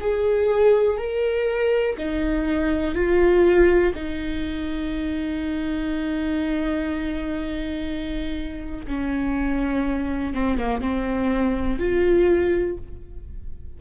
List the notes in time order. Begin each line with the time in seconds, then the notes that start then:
0.00 G#4
0.98 A#4
1.98 D#4
2.95 F4
3.94 D#4
8.87 C#4
10.34 C4
10.57 A#3
10.81 C4
11.79 F4